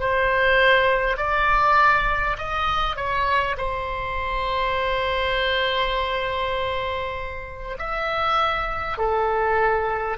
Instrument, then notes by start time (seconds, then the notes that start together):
oboe
0.00 C5
1.17 D5
2.38 D#5
2.97 C#5
3.58 C5
7.79 E5
8.98 A4